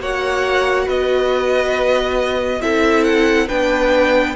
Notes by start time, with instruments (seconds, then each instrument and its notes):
0.00 cello A#3, viola F#4, violin C#5 F#5
0.86 cello B3, violin B4 D#5
2.61 cello C4, viola E4, violin A4 E5
3.04 violin F#5
3.48 cello B3, viola D4, violin B4 G5